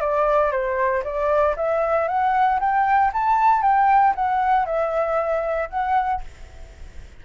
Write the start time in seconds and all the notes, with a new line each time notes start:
0.00 D5
0.51 C5
1.03 D5
1.56 E5
2.07 F#5
2.60 G5
3.13 A5
3.62 G5
4.15 F#5
4.65 E5
5.69 F#5